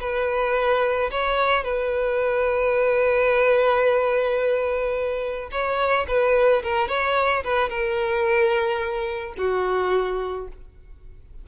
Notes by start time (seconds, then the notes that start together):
0.00 B4
1.11 C#5
1.64 B4
5.51 C#5
6.08 B4
6.63 A#4
6.88 C#5
7.44 B4
7.69 A#4
9.38 F#4